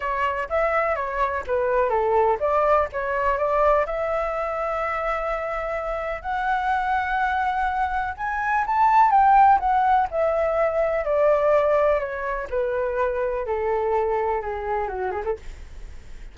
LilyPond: \new Staff \with { instrumentName = "flute" } { \time 4/4 \tempo 4 = 125 cis''4 e''4 cis''4 b'4 | a'4 d''4 cis''4 d''4 | e''1~ | e''4 fis''2.~ |
fis''4 gis''4 a''4 g''4 | fis''4 e''2 d''4~ | d''4 cis''4 b'2 | a'2 gis'4 fis'8 gis'16 a'16 | }